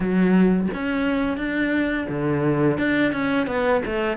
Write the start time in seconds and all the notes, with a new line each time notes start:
0.00 F#3
0.74 C#4
1.37 D4
2.08 D3
2.78 D4
3.12 C#4
3.46 B3
3.85 A3